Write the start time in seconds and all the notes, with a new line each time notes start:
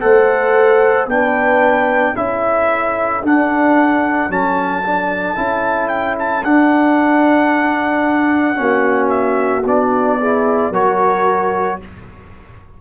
0.00 A3 A4 C5 F#5
1.06 B3 D4 G5
1.13 B4
2.13 C#4 E4 A4 E5
3.22 D4 F#5
4.29 F#3 C#4 A5
4.83 D4
5.35 C#4 E4
5.88 G5
6.19 A5
6.44 D4 F#5
8.54 A#3 C#4 F#4
9.09 E5
9.64 B3 D4 D5
10.20 E4 G#4
10.70 F#3 F#4 A#4 C#5